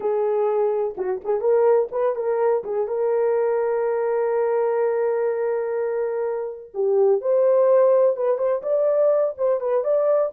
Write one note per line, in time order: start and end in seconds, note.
0.00 0.95 G#4
0.97 1.21 F#4
1.24 1.40 G#4
1.40 1.88 A#4
1.91 2.15 B4
2.15 2.63 A#4
2.64 2.87 G#4
2.87 6.71 A#4
6.74 7.21 G4
7.21 8.16 C5
8.16 8.37 B4
8.37 8.61 C5
8.62 9.34 D5
9.37 9.60 C5
9.60 9.84 B4
9.84 10.32 D5